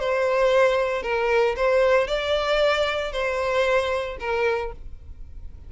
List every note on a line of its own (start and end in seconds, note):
0.00 1.03 C5
1.03 1.56 A#4
1.56 2.08 C5
2.08 3.13 D5
3.13 4.18 C5
4.20 4.73 A#4